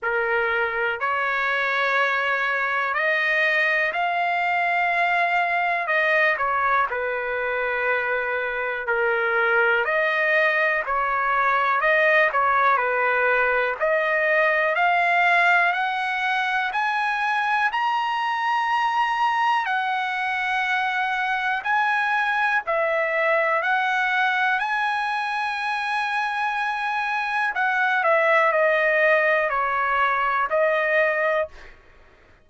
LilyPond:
\new Staff \with { instrumentName = "trumpet" } { \time 4/4 \tempo 4 = 61 ais'4 cis''2 dis''4 | f''2 dis''8 cis''8 b'4~ | b'4 ais'4 dis''4 cis''4 | dis''8 cis''8 b'4 dis''4 f''4 |
fis''4 gis''4 ais''2 | fis''2 gis''4 e''4 | fis''4 gis''2. | fis''8 e''8 dis''4 cis''4 dis''4 | }